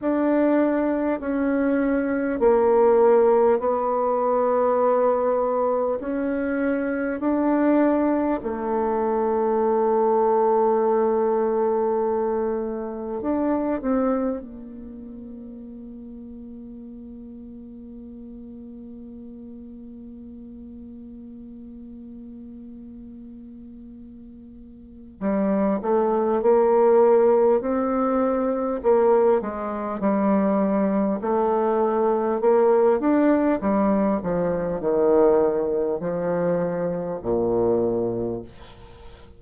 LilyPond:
\new Staff \with { instrumentName = "bassoon" } { \time 4/4 \tempo 4 = 50 d'4 cis'4 ais4 b4~ | b4 cis'4 d'4 a4~ | a2. d'8 c'8 | ais1~ |
ais1~ | ais4 g8 a8 ais4 c'4 | ais8 gis8 g4 a4 ais8 d'8 | g8 f8 dis4 f4 ais,4 | }